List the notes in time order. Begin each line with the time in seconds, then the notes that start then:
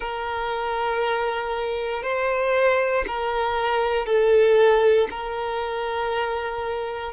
0.00 A#4
2.02 C5
3.07 A#4
4.06 A4
5.10 A#4